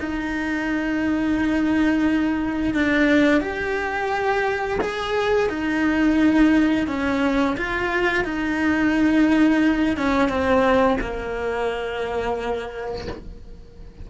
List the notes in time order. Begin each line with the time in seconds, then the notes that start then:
0.00 D#4
2.75 D4
3.41 G4
4.81 G#4
5.50 D#4
6.88 C#4
7.58 F4
8.25 D#4
9.97 C#4
10.29 C4
11.01 A#3